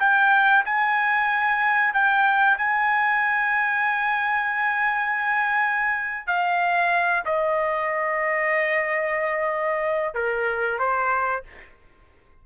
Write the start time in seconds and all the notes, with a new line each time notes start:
0.00 G5
0.65 G#5
1.94 G5
2.58 G#5
6.27 F5
7.25 D#5
10.14 A#4
10.79 C5